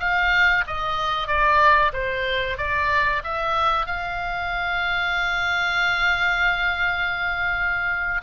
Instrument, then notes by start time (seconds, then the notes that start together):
oboe
0.00 F5
0.67 D#5
1.28 D5
1.93 C5
2.58 D5
3.24 E5
3.86 F5